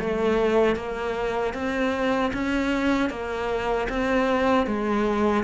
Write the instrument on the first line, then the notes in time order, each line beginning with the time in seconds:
cello
0.00 A3
0.76 A#3
1.54 C4
2.34 C#4
3.10 A#3
3.89 C4
4.67 G#3